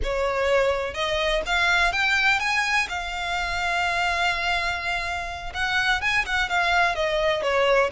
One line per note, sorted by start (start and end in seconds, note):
0.03 0.94 C#5
0.94 1.42 D#5
1.46 1.92 F5
1.92 2.39 G5
2.39 2.87 G#5
2.88 5.52 F5
5.53 6.01 F#5
6.01 6.25 G#5
6.25 6.49 F#5
6.49 6.95 F5
6.95 7.42 D#5
7.42 7.90 C#5